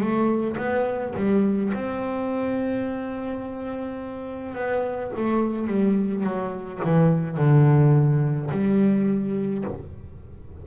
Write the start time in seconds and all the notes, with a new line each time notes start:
0.00 A3
0.58 B3
1.16 G3
1.74 C4
4.55 B3
5.17 A3
5.68 G3
6.24 F#3
6.84 E3
7.37 D3
8.52 G3